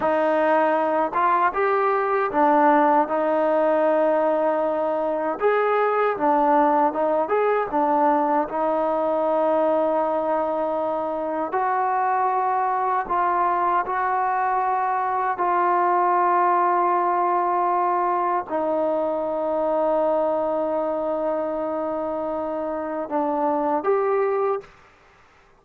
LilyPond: \new Staff \with { instrumentName = "trombone" } { \time 4/4 \tempo 4 = 78 dis'4. f'8 g'4 d'4 | dis'2. gis'4 | d'4 dis'8 gis'8 d'4 dis'4~ | dis'2. fis'4~ |
fis'4 f'4 fis'2 | f'1 | dis'1~ | dis'2 d'4 g'4 | }